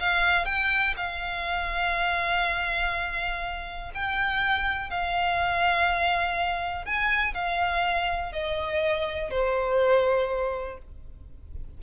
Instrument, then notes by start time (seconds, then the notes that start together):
violin
0.00 F5
0.46 G5
0.97 F5
3.95 G5
4.90 F5
6.86 G#5
7.34 F5
8.33 D#5
9.31 C5